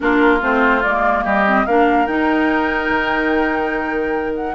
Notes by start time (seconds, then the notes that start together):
0.00 A#3 D4 F4 A#4
0.41 A3 C4 C5
0.82 G#3 A#3 D5
1.24 G3 G4 D#5
1.46 C4
1.66 A#3 D4 A#4 F5
2.06 D#4 G5
2.89 D#3
4.35 F#5